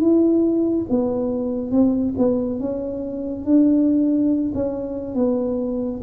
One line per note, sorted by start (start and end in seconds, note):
0.00 0.85 E4
0.89 1.71 B3
1.71 2.14 C4
2.17 2.59 B3
2.59 3.45 C#4
3.45 4.52 D4
4.54 5.14 C#4
5.14 6.00 B3